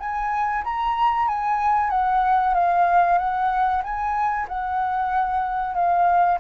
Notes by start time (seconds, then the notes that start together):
0.00 G#5
0.64 A#5
1.28 G#5
1.91 F#5
2.54 F5
3.19 F#5
3.84 G#5
4.49 F#5
5.75 F5